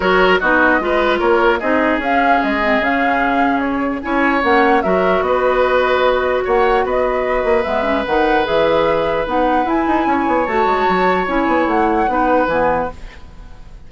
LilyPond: <<
  \new Staff \with { instrumentName = "flute" } { \time 4/4 \tempo 4 = 149 cis''4 dis''2 cis''4 | dis''4 f''4 dis''4 f''4~ | f''4 cis''4 gis''4 fis''4 | e''4 dis''2. |
fis''4 dis''2 e''4 | fis''4 e''2 fis''4 | gis''2 a''2 | gis''4 fis''2 gis''4 | }
  \new Staff \with { instrumentName = "oboe" } { \time 4/4 ais'4 fis'4 b'4 ais'4 | gis'1~ | gis'2 cis''2 | ais'4 b'2. |
cis''4 b'2.~ | b'1~ | b'4 cis''2.~ | cis''2 b'2 | }
  \new Staff \with { instrumentName = "clarinet" } { \time 4/4 fis'4 dis'4 f'2 | dis'4 cis'4. c'8 cis'4~ | cis'2 e'4 cis'4 | fis'1~ |
fis'2. b8 cis'8 | dis'4 gis'2 dis'4 | e'2 fis'2 | e'2 dis'4 b4 | }
  \new Staff \with { instrumentName = "bassoon" } { \time 4/4 fis4 b4 gis4 ais4 | c'4 cis'4 gis4 cis4~ | cis2 cis'4 ais4 | fis4 b2. |
ais4 b4. ais8 gis4 | dis4 e2 b4 | e'8 dis'8 cis'8 b8 a8 gis8 fis4 | cis'8 b8 a4 b4 e4 | }
>>